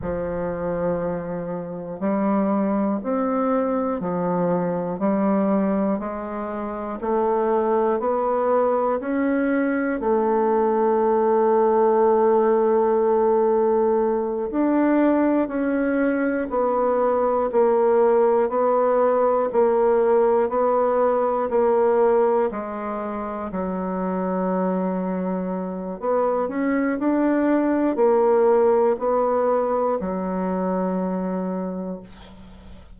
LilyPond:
\new Staff \with { instrumentName = "bassoon" } { \time 4/4 \tempo 4 = 60 f2 g4 c'4 | f4 g4 gis4 a4 | b4 cis'4 a2~ | a2~ a8 d'4 cis'8~ |
cis'8 b4 ais4 b4 ais8~ | ais8 b4 ais4 gis4 fis8~ | fis2 b8 cis'8 d'4 | ais4 b4 fis2 | }